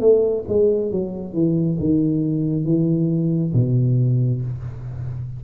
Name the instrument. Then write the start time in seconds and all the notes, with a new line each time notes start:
tuba
0.00 A3
0.48 G#3
0.91 F#3
1.33 E3
1.79 D#3
2.64 E3
3.53 B2